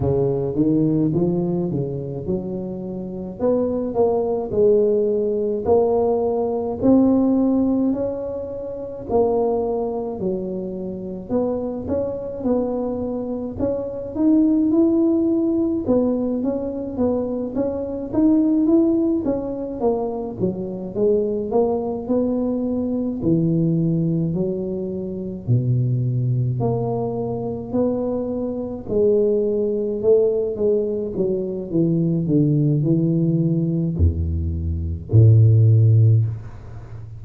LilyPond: \new Staff \with { instrumentName = "tuba" } { \time 4/4 \tempo 4 = 53 cis8 dis8 f8 cis8 fis4 b8 ais8 | gis4 ais4 c'4 cis'4 | ais4 fis4 b8 cis'8 b4 | cis'8 dis'8 e'4 b8 cis'8 b8 cis'8 |
dis'8 e'8 cis'8 ais8 fis8 gis8 ais8 b8~ | b8 e4 fis4 b,4 ais8~ | ais8 b4 gis4 a8 gis8 fis8 | e8 d8 e4 e,4 a,4 | }